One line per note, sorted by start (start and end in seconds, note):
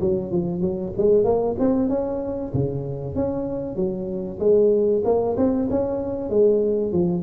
0.00 0.31 F#3
0.31 0.61 F3
0.61 0.92 F#3
0.97 1.24 G#3
1.24 1.55 A#3
1.59 1.89 C4
1.89 2.52 C#4
2.53 3.15 C#3
3.15 3.76 C#4
3.76 4.39 F#3
4.39 5.02 G#3
5.04 5.36 A#3
5.37 5.68 C4
5.70 6.30 C#4
6.30 6.92 G#3
6.92 7.23 F3